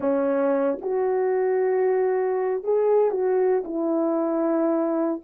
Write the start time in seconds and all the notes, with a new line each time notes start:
0.00 C#4
0.81 F#4
2.63 G#4
3.10 F#4
3.64 E4